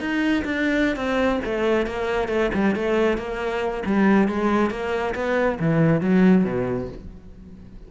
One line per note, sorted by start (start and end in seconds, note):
0.00 0.44 D#4
0.44 0.96 D4
0.96 1.40 C4
1.45 1.86 A3
1.86 2.28 A#3
2.28 2.50 A3
2.54 2.75 G3
2.75 3.18 A3
3.18 3.83 A#3
3.86 4.28 G3
4.28 4.70 G#3
4.70 5.14 A#3
5.15 5.58 B3
5.60 6.01 E3
6.01 6.44 F#3
6.44 6.88 B2